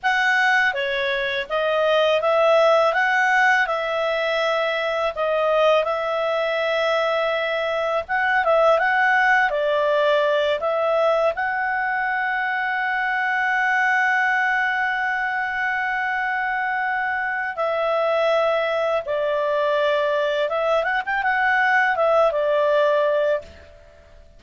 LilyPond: \new Staff \with { instrumentName = "clarinet" } { \time 4/4 \tempo 4 = 82 fis''4 cis''4 dis''4 e''4 | fis''4 e''2 dis''4 | e''2. fis''8 e''8 | fis''4 d''4. e''4 fis''8~ |
fis''1~ | fis''1 | e''2 d''2 | e''8 fis''16 g''16 fis''4 e''8 d''4. | }